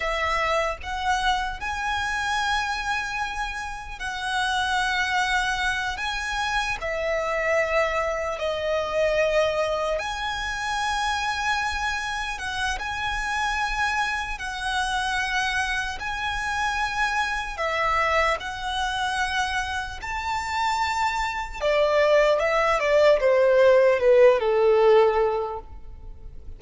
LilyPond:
\new Staff \with { instrumentName = "violin" } { \time 4/4 \tempo 4 = 75 e''4 fis''4 gis''2~ | gis''4 fis''2~ fis''8 gis''8~ | gis''8 e''2 dis''4.~ | dis''8 gis''2. fis''8 |
gis''2 fis''2 | gis''2 e''4 fis''4~ | fis''4 a''2 d''4 | e''8 d''8 c''4 b'8 a'4. | }